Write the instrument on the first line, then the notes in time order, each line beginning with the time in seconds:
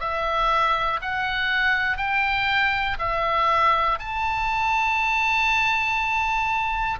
oboe
0.00 E5
1.01 F#5
1.97 G5
2.99 E5
3.99 A5